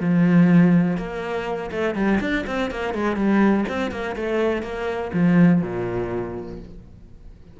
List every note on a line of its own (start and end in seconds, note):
0.00 0.97 F3
0.97 1.70 A#3
1.71 1.95 A3
1.95 2.19 G3
2.20 2.45 D4
2.47 2.71 C4
2.71 2.94 A#3
2.94 3.16 G#3
3.16 3.65 G3
3.69 3.91 C4
3.91 4.16 A#3
4.16 4.62 A3
4.62 5.11 A#3
5.13 5.62 F3
5.62 6.59 A#2